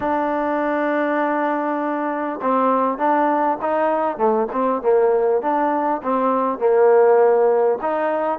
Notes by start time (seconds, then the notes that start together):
0.00 D4
2.41 C4
2.98 D4
3.61 D#4
4.17 A3
4.52 C4
4.82 A#3
5.41 D4
6.02 C4
6.58 A#3
7.81 D#4